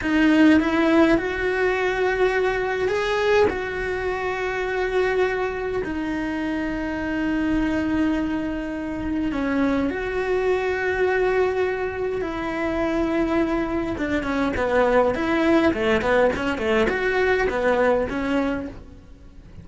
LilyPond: \new Staff \with { instrumentName = "cello" } { \time 4/4 \tempo 4 = 103 dis'4 e'4 fis'2~ | fis'4 gis'4 fis'2~ | fis'2 dis'2~ | dis'1 |
cis'4 fis'2.~ | fis'4 e'2. | d'8 cis'8 b4 e'4 a8 b8 | cis'8 a8 fis'4 b4 cis'4 | }